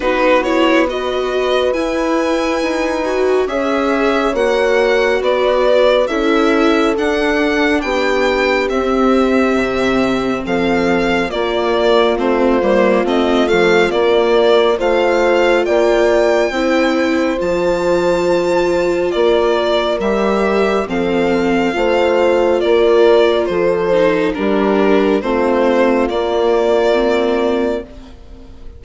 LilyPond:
<<
  \new Staff \with { instrumentName = "violin" } { \time 4/4 \tempo 4 = 69 b'8 cis''8 dis''4 gis''2 | e''4 fis''4 d''4 e''4 | fis''4 g''4 e''2 | f''4 d''4 c''4 dis''8 f''8 |
d''4 f''4 g''2 | a''2 d''4 e''4 | f''2 d''4 c''4 | ais'4 c''4 d''2 | }
  \new Staff \with { instrumentName = "horn" } { \time 4/4 fis'4 b'2. | cis''2 b'4 a'4~ | a'4 g'2. | a'4 f'2.~ |
f'4 c''4 d''4 c''4~ | c''2 ais'2 | a'4 c''4 ais'4 a'4 | g'4 f'2. | }
  \new Staff \with { instrumentName = "viola" } { \time 4/4 dis'8 e'8 fis'4 e'4. fis'8 | gis'4 fis'2 e'4 | d'2 c'2~ | c'4 ais4 c'8 ais8 c'8 a8 |
ais4 f'2 e'4 | f'2. g'4 | c'4 f'2~ f'8 dis'8 | d'4 c'4 ais4 c'4 | }
  \new Staff \with { instrumentName = "bassoon" } { \time 4/4 b2 e'4 dis'4 | cis'4 ais4 b4 cis'4 | d'4 b4 c'4 c4 | f4 ais4 a8 g8 a8 f8 |
ais4 a4 ais4 c'4 | f2 ais4 g4 | f4 a4 ais4 f4 | g4 a4 ais2 | }
>>